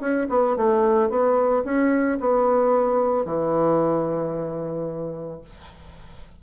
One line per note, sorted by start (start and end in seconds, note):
0.00 0.27 C#4
0.29 0.56 B3
0.56 1.09 A3
1.09 1.63 B3
1.64 2.18 C#4
2.20 3.25 B3
3.25 5.41 E3